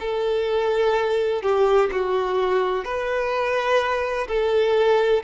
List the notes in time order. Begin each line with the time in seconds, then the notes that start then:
0.00 A4
1.42 G4
1.92 F#4
2.85 B4
4.28 A4